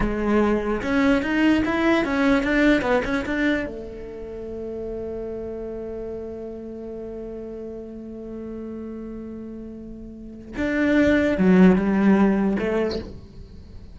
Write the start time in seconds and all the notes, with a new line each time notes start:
0.00 G#3
0.82 C#4
1.22 D#4
1.65 E4
2.04 C#4
2.43 D4
2.81 B3
3.04 C#4
3.25 D4
3.65 A3
10.57 D4
11.37 F#3
11.75 G3
12.58 A3